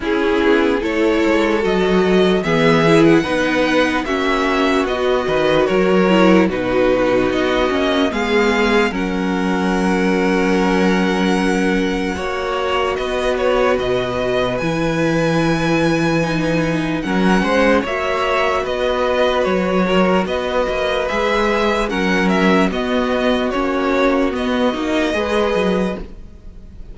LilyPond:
<<
  \new Staff \with { instrumentName = "violin" } { \time 4/4 \tempo 4 = 74 gis'4 cis''4 dis''4 e''8. fis''16~ | fis''4 e''4 dis''4 cis''4 | b'4 dis''4 f''4 fis''4~ | fis''1 |
dis''8 cis''8 dis''4 gis''2~ | gis''4 fis''4 e''4 dis''4 | cis''4 dis''4 e''4 fis''8 e''8 | dis''4 cis''4 dis''2 | }
  \new Staff \with { instrumentName = "violin" } { \time 4/4 e'4 a'2 gis'4 | b'4 fis'4. b'8 ais'4 | fis'2 gis'4 ais'4~ | ais'2. cis''4 |
b'1~ | b'4 ais'8 c''8 cis''4 b'4~ | b'8 ais'8 b'2 ais'4 | fis'2. b'4 | }
  \new Staff \with { instrumentName = "viola" } { \time 4/4 cis'4 e'4 fis'4 b8 e'8 | dis'4 cis'4 fis'4. e'8 | dis'4. cis'8 b4 cis'4~ | cis'2. fis'4~ |
fis'2 e'2 | dis'4 cis'4 fis'2~ | fis'2 gis'4 cis'4 | b4 cis'4 b8 dis'8 gis'4 | }
  \new Staff \with { instrumentName = "cello" } { \time 4/4 cis'8 b8 a8 gis8 fis4 e4 | b4 ais4 b8 dis8 fis4 | b,4 b8 ais8 gis4 fis4~ | fis2. ais4 |
b4 b,4 e2~ | e4 fis8 gis8 ais4 b4 | fis4 b8 ais8 gis4 fis4 | b4 ais4 b8 ais8 gis8 fis8 | }
>>